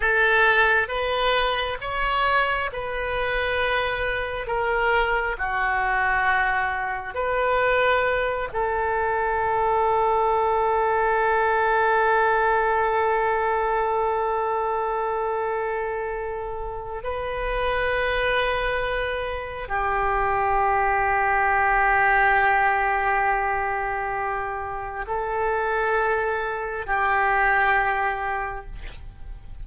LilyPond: \new Staff \with { instrumentName = "oboe" } { \time 4/4 \tempo 4 = 67 a'4 b'4 cis''4 b'4~ | b'4 ais'4 fis'2 | b'4. a'2~ a'8~ | a'1~ |
a'2. b'4~ | b'2 g'2~ | g'1 | a'2 g'2 | }